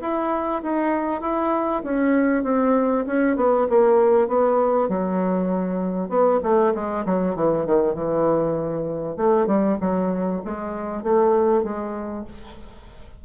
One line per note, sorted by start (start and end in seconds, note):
0.00 0.61 E4
0.62 1.21 D#4
1.21 1.82 E4
1.83 2.43 C#4
2.43 3.04 C4
3.06 3.36 C#4
3.36 3.67 B3
3.69 4.27 A#3
4.27 4.88 B3
4.88 6.09 F#3
6.09 6.40 B3
6.43 6.73 A3
6.74 7.05 G#3
7.05 7.35 F#3
7.35 7.65 E3
7.65 7.94 D#3
7.94 9.16 E3
9.16 9.46 A3
9.46 9.77 G3
9.80 10.42 F#3
10.44 11.03 G#3
11.03 11.63 A3
11.63 12.24 G#3